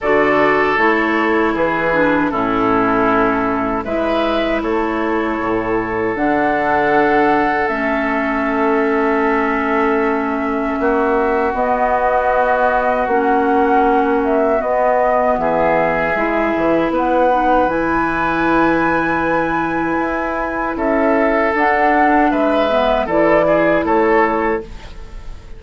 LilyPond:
<<
  \new Staff \with { instrumentName = "flute" } { \time 4/4 \tempo 4 = 78 d''4 cis''4 b'4 a'4~ | a'4 e''4 cis''2 | fis''2 e''2~ | e''2. dis''4~ |
dis''4 fis''4. e''8 dis''4 | e''2 fis''4 gis''4~ | gis''2. e''4 | fis''4 e''4 d''4 cis''4 | }
  \new Staff \with { instrumentName = "oboe" } { \time 4/4 a'2 gis'4 e'4~ | e'4 b'4 a'2~ | a'1~ | a'2 fis'2~ |
fis'1 | gis'2 b'2~ | b'2. a'4~ | a'4 b'4 a'8 gis'8 a'4 | }
  \new Staff \with { instrumentName = "clarinet" } { \time 4/4 fis'4 e'4. d'8 cis'4~ | cis'4 e'2. | d'2 cis'2~ | cis'2. b4~ |
b4 cis'2 b4~ | b4 e'4. dis'8 e'4~ | e'1 | d'4. b8 e'2 | }
  \new Staff \with { instrumentName = "bassoon" } { \time 4/4 d4 a4 e4 a,4~ | a,4 gis4 a4 a,4 | d2 a2~ | a2 ais4 b4~ |
b4 ais2 b4 | e4 gis8 e8 b4 e4~ | e2 e'4 cis'4 | d'4 gis4 e4 a4 | }
>>